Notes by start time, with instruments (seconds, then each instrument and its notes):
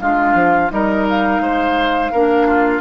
0.00 bassoon G#3, clarinet D4, oboe F4, flute F5
0.34 bassoon F3
0.70 bassoon G3, clarinet D#4, oboe A#4, flute D#5
1.10 flute F5
1.40 bassoon G#3, oboe C5
2.12 bassoon A#3, clarinet D4, oboe A#4
2.47 oboe F4